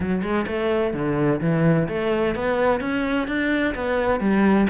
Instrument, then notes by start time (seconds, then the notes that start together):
cello
0.00 F#3
0.22 G#3
0.47 A3
0.93 D3
1.41 E3
1.88 A3
2.35 B3
2.80 C#4
3.27 D4
3.74 B3
4.20 G3